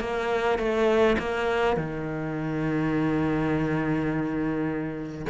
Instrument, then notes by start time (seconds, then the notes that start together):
cello
0.00 A#3
0.58 A3
1.18 A#3
1.76 D#3